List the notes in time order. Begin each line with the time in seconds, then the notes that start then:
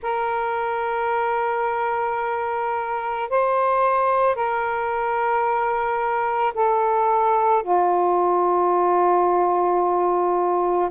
0.02 A#4
3.29 C5
4.35 A#4
6.54 A4
7.62 F4